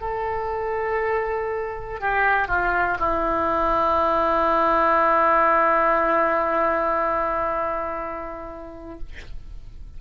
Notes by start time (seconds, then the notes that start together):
0.00 A4
2.00 G4
2.48 F4
2.99 E4